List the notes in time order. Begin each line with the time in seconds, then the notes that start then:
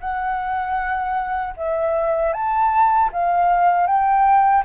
0.00 F#5
1.56 E5
2.33 A5
3.12 F5
3.86 G5